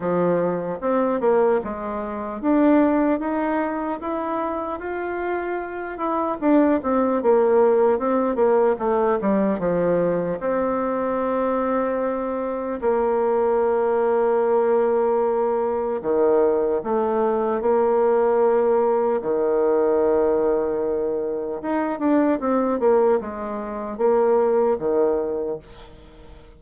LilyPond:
\new Staff \with { instrumentName = "bassoon" } { \time 4/4 \tempo 4 = 75 f4 c'8 ais8 gis4 d'4 | dis'4 e'4 f'4. e'8 | d'8 c'8 ais4 c'8 ais8 a8 g8 | f4 c'2. |
ais1 | dis4 a4 ais2 | dis2. dis'8 d'8 | c'8 ais8 gis4 ais4 dis4 | }